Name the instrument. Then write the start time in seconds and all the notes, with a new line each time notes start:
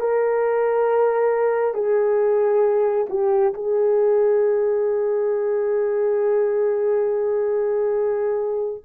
horn
0.00 A#4
1.74 G#4
3.09 G4
3.54 G#4